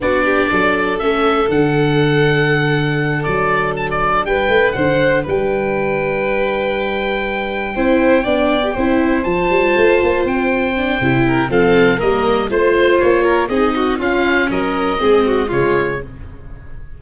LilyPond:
<<
  \new Staff \with { instrumentName = "oboe" } { \time 4/4 \tempo 4 = 120 d''2 e''4 fis''4~ | fis''2~ fis''8 d''4 a''16 d''16~ | d''8 g''4 fis''4 g''4.~ | g''1~ |
g''2~ g''8 a''4.~ | a''8 g''2~ g''8 f''4 | dis''4 c''4 cis''4 dis''4 | f''4 dis''2 cis''4 | }
  \new Staff \with { instrumentName = "violin" } { \time 4/4 fis'8 g'8 a'2.~ | a'1~ | a'8 b'4 c''4 b'4.~ | b'2.~ b'8 c''8~ |
c''8 d''4 c''2~ c''8~ | c''2~ c''8 ais'8 a'4 | ais'4 c''4. ais'8 gis'8 fis'8 | f'4 ais'4 gis'8 fis'8 f'4 | }
  \new Staff \with { instrumentName = "viola" } { \time 4/4 d'2 cis'4 d'4~ | d'1~ | d'1~ | d'2.~ d'8 e'8~ |
e'8 d'8. g'16 e'4 f'4.~ | f'4. d'8 e'4 c'4 | ais4 f'2 dis'4 | cis'2 c'4 gis4 | }
  \new Staff \with { instrumentName = "tuba" } { \time 4/4 b4 fis4 a4 d4~ | d2~ d8 fis4.~ | fis8 g8 a8 d4 g4.~ | g2.~ g8 c'8~ |
c'8 b4 c'4 f8 g8 a8 | ais8 c'4. c4 f4 | g4 a4 ais4 c'4 | cis'4 fis4 gis4 cis4 | }
>>